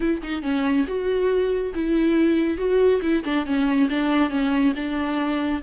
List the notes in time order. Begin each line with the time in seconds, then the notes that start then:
0.00 E4
0.23 D#4
0.42 C#4
0.87 F#4
1.74 E4
2.57 F#4
3.02 E4
3.24 D4
3.45 C#4
3.89 D4
4.29 C#4
4.75 D4